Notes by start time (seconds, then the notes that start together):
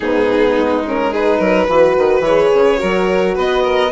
0.00 G#2 B3 D#4 G#4
0.58 G#3
0.85 C#4 A#4
1.10 D#4 G#4 B4
1.38 F#3 A#4
1.68 E3 F#4 B4
1.97 D#3
2.20 E3 C#5
2.27 G#4
2.53 C#3
2.77 F#3 F#4 A#4
3.34 B3 B4 D#5
3.63 A#4